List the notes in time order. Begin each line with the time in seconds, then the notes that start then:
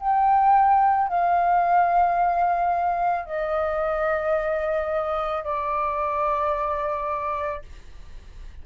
0.00 G5
1.09 F5
3.26 D#5
5.44 D5